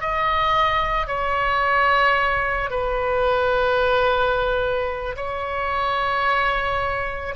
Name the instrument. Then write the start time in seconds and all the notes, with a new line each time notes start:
oboe
0.00 D#5
1.07 C#5
2.70 B4
5.16 C#5